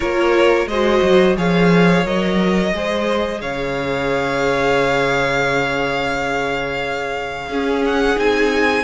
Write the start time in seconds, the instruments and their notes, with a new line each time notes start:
0.00 cello A#3, viola F4, violin A#4 C#5
0.66 cello G#3, viola F#4, violin C5 D#5
1.02 cello F#3
1.36 cello F3, viola G#4, violin C#5 F5
2.04 cello F#3, viola A#4, violin D#5
2.73 cello G#3, viola G#4, violin C5
3.41 cello C#3, violin C#5 F5
7.47 cello C#4, viola C#4, violin G#4
7.85 violin F#5
8.16 cello C4, viola D#4, violin G#5